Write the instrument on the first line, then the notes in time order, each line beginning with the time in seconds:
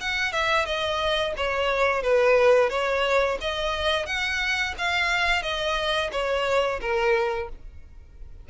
violin
0.00 F#5
0.32 E5
0.65 D#5
1.37 C#5
2.02 B4
2.70 C#5
3.41 D#5
4.06 F#5
4.78 F5
5.42 D#5
6.12 C#5
6.81 A#4